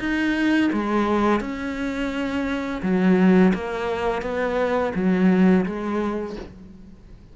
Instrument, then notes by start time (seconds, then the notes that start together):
cello
0.00 D#4
0.73 G#3
1.41 C#4
2.82 F#3
3.54 A#3
4.22 B3
4.95 F#3
5.66 G#3